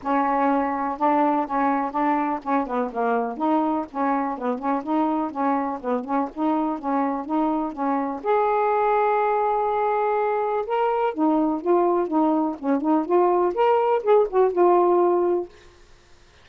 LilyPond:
\new Staff \with { instrumentName = "saxophone" } { \time 4/4 \tempo 4 = 124 cis'2 d'4 cis'4 | d'4 cis'8 b8 ais4 dis'4 | cis'4 b8 cis'8 dis'4 cis'4 | b8 cis'8 dis'4 cis'4 dis'4 |
cis'4 gis'2.~ | gis'2 ais'4 dis'4 | f'4 dis'4 cis'8 dis'8 f'4 | ais'4 gis'8 fis'8 f'2 | }